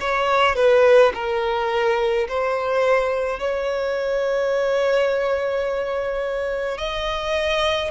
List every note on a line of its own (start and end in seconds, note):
0.00 0.56 C#5
0.56 1.12 B4
1.14 2.27 A#4
2.28 3.40 C5
3.40 6.78 C#5
6.78 7.91 D#5